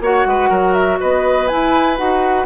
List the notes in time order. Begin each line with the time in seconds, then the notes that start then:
0.00 A#3 F#4 C#5 F#5
0.25 G#3 B4
0.49 F#3 A#4
0.73 E5
0.99 B3 B4 D#5
1.47 E4 G#5
1.96 D#4 F#4 F#5